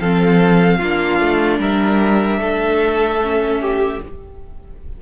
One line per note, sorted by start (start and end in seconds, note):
0.00 0.81 F3
0.00 0.83 C4
0.00 0.79 A4
0.00 1.60 F5
0.79 1.21 A#3
0.79 3.22 D4
0.79 1.59 F4
1.21 1.60 A3
1.60 2.40 G3
1.60 2.40 A#4
1.60 4.02 E5
2.40 4.00 A3
2.40 3.61 A4
3.22 4.02 C#4
3.61 4.01 G4